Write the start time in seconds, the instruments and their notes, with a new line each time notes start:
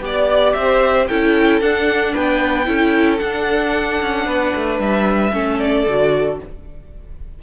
0.00 cello B3, viola G4, violin D5
0.53 cello C4, violin C5 E5
1.07 cello C#4, viola E4, violin A4 G5
1.61 cello D4, viola D4, violin F#5
2.13 cello B3, violin B4 G5
2.65 cello C#4, viola E4, violin A4
3.18 viola D4, cello D4, violin F#5
4.01 cello C#4
4.26 cello B3, violin B4
4.55 cello A3
4.79 cello G3, violin E5
5.32 cello A3, viola C#4, violin A4
5.59 violin D5
5.87 cello D3, viola F#4